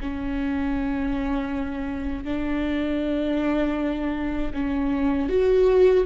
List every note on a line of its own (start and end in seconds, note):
0.00 2.24 C#4
2.24 4.52 D4
4.53 5.29 C#4
5.29 6.05 F#4